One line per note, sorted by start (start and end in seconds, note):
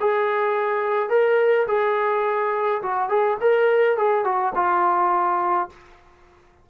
0.00 1.09 G#4
1.09 1.66 A#4
1.67 2.82 G#4
2.82 3.09 F#4
3.09 3.37 G#4
3.41 3.97 A#4
3.97 4.24 G#4
4.24 4.53 F#4
4.55 5.69 F4